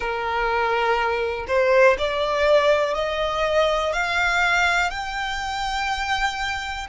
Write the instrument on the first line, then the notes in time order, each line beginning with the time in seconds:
violin
0.00 A#4
1.47 C5
1.98 D5
2.94 D#5
3.93 F5
4.90 G5